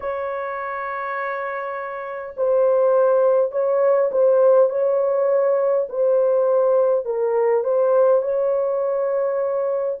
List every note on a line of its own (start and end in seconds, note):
0.00 2.34 C#5
2.36 3.51 C5
3.51 4.10 C#5
4.11 4.70 C5
4.70 5.87 C#5
5.89 7.05 C5
7.05 7.64 A#4
7.64 8.21 C5
8.21 9.98 C#5